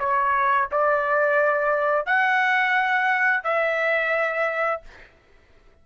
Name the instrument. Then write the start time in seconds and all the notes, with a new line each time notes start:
trumpet
0.00 C#5
0.72 D5
2.06 F#5
3.44 E5